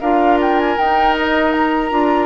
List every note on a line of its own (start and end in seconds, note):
0.00 0.77 D4
0.00 0.77 F4
0.00 2.26 A#4
0.00 0.38 F5
0.41 0.59 G5
0.59 0.77 G#5
0.77 1.91 D#4
0.77 1.90 D#4
0.77 1.15 G5
1.17 1.52 D#5
1.52 2.26 A#5
1.90 2.26 D4
1.90 2.26 F4